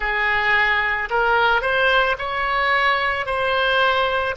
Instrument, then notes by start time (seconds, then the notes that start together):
oboe
0.00 G#4
1.10 A#4
1.61 C5
2.18 C#5
3.26 C5